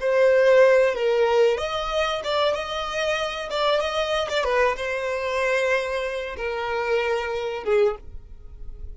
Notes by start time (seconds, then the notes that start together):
0.00 C5
0.95 A#4
1.58 D#5
2.24 D5
2.54 D#5
3.50 D5
3.80 D#5
4.29 D5
4.44 B4
4.76 C5
6.37 A#4
7.64 G#4